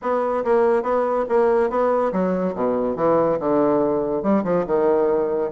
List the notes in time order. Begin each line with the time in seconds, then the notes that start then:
0.01 B3
0.44 A#3
0.82 B3
1.28 A#3
1.70 B3
2.12 F#3
2.55 B2
2.96 E3
3.39 D3
4.22 G3
4.44 F3
4.66 D#3